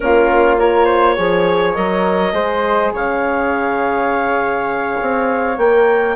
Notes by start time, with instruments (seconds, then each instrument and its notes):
0.00 bassoon A#3, horn C#4, flute F4, clarinet A#4
0.58 horn F4, flute A#4, clarinet C#5
0.84 flute C5
1.15 bassoon F3, horn G#4, flute C#5
1.74 bassoon F#3, horn A#4, clarinet D#5
2.32 bassoon G#3, horn G#4, flute C5
2.93 bassoon C#3, flute C#5, clarinet F5
5.01 bassoon C4
5.57 bassoon A#3, horn A#4, clarinet G5